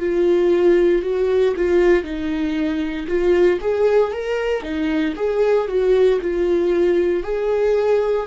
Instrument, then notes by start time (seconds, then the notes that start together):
viola
0.00 F4
1.03 F#4
1.57 F4
2.04 D#4
3.08 F4
3.61 G#4
4.13 A#4
4.63 D#4
5.16 G#4
5.68 F#4
6.22 F4
7.23 G#4